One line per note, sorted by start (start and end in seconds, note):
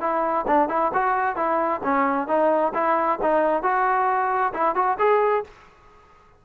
0.00 0.45 E4
0.47 0.68 D4
0.68 0.91 E4
0.93 1.35 F#4
1.35 1.80 E4
1.83 2.27 C#4
2.27 2.72 D#4
2.74 3.19 E4
3.22 3.62 D#4
3.62 4.53 F#4
4.53 4.75 E4
4.75 4.97 F#4
4.98 5.44 G#4